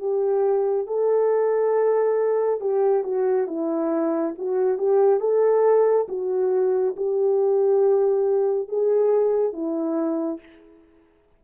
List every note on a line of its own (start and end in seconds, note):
0.00 0.87 G4
0.87 2.61 A4
2.61 3.04 G4
3.04 3.48 F#4
3.48 4.35 E4
4.38 4.78 F#4
4.78 5.20 G4
5.20 6.07 A4
6.09 6.96 F#4
6.97 8.69 G4
8.69 9.53 G#4
9.53 10.40 E4